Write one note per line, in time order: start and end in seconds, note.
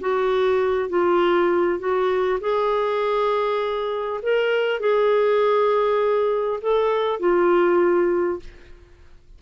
0.00 0.89 F#4
0.89 1.79 F4
1.79 2.39 F#4
2.40 4.20 G#4
4.22 4.79 A#4
4.79 6.59 G#4
6.61 7.19 A4
7.19 8.39 F4